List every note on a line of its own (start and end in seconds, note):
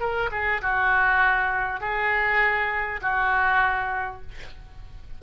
0.00 0.30 A#4
0.31 0.61 G#4
0.62 1.81 F#4
1.81 3.01 G#4
3.02 4.22 F#4